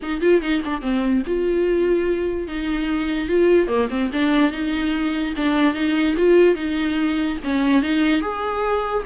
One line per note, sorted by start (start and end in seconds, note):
0.02 0.21 D#4
0.21 0.41 F4
0.41 0.62 D#4
0.65 0.81 D4
0.81 1.22 C4
1.26 2.47 F4
2.47 3.28 D#4
3.28 3.67 F4
3.67 3.88 A#3
3.90 4.10 C4
4.12 4.51 D4
4.51 5.33 D#4
5.36 5.73 D4
5.73 6.15 D#4
6.17 6.55 F4
6.55 7.37 D#4
7.43 7.82 C#4
7.82 8.21 D#4
8.21 9.03 G#4